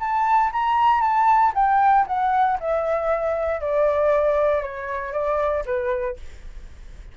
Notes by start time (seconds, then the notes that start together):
0.00 A5
0.53 A#5
1.02 A5
1.55 G5
2.07 F#5
2.60 E5
3.61 D5
4.62 C#5
5.13 D5
5.66 B4